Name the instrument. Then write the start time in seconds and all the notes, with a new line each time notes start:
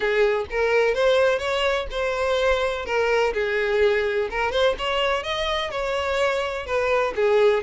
violin
0.00 G#4
0.50 A#4
0.94 C5
1.39 C#5
1.90 C5
2.85 A#4
3.33 G#4
4.30 A#4
4.51 C5
4.78 C#5
5.23 D#5
5.70 C#5
6.66 B4
7.15 G#4